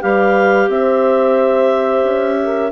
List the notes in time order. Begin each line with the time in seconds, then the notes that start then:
0.00 G3 G4 B4 F5
0.68 C4 C5 E5
2.04 C#4
2.43 A#4